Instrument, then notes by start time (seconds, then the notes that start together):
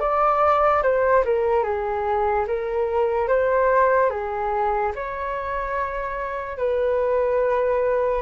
flute
0.00 D5
0.83 C5
1.25 A#4
1.64 G#4
2.47 A#4
3.28 C5
4.10 G#4
4.95 C#5
6.58 B4